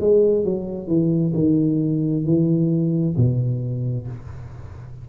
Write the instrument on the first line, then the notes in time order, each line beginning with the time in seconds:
tuba
0.00 G#3
0.45 F#3
0.88 E3
1.34 D#3
2.25 E3
3.17 B2